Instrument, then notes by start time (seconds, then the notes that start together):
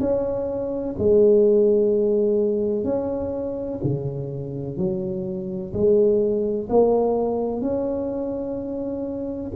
tuba
0.00 C#4
0.98 G#3
2.84 C#4
3.84 C#3
4.77 F#3
5.73 G#3
6.69 A#3
7.61 C#4